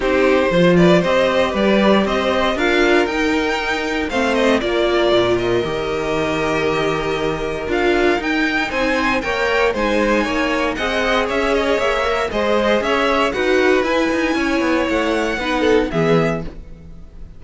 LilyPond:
<<
  \new Staff \with { instrumentName = "violin" } { \time 4/4 \tempo 4 = 117 c''4. d''8 dis''4 d''4 | dis''4 f''4 g''2 | f''8 dis''8 d''4. dis''4.~ | dis''2. f''4 |
g''4 gis''4 g''4 gis''4~ | gis''4 fis''4 e''8 dis''8 e''4 | dis''4 e''4 fis''4 gis''4~ | gis''4 fis''2 e''4 | }
  \new Staff \with { instrumentName = "violin" } { \time 4/4 g'4 c''8 b'8 c''4 b'4 | c''4 ais'2. | c''4 ais'2.~ | ais'1~ |
ais'4 c''4 cis''4 c''4 | cis''4 dis''4 cis''2 | c''4 cis''4 b'2 | cis''2 b'8 a'8 gis'4 | }
  \new Staff \with { instrumentName = "viola" } { \time 4/4 dis'4 f'4 g'2~ | g'4 f'4 dis'2 | c'4 f'2 g'4~ | g'2. f'4 |
dis'2 ais'4 dis'4~ | dis'4 gis'2~ gis'8 ais'8 | gis'2 fis'4 e'4~ | e'2 dis'4 b4 | }
  \new Staff \with { instrumentName = "cello" } { \time 4/4 c'4 f4 c'4 g4 | c'4 d'4 dis'2 | a4 ais4 ais,4 dis4~ | dis2. d'4 |
dis'4 c'4 ais4 gis4 | ais4 c'4 cis'4 ais4 | gis4 cis'4 dis'4 e'8 dis'8 | cis'8 b8 a4 b4 e4 | }
>>